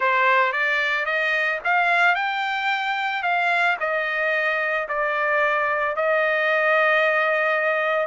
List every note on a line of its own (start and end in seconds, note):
0.00 0.52 C5
0.52 1.05 D5
1.05 1.59 D#5
1.64 2.15 F5
2.15 3.23 G5
3.23 3.77 F5
3.80 4.88 D#5
4.88 5.96 D5
5.96 8.07 D#5